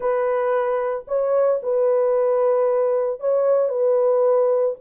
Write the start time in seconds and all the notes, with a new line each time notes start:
0.00 B4
1.07 C#5
1.62 B4
3.20 C#5
3.69 B4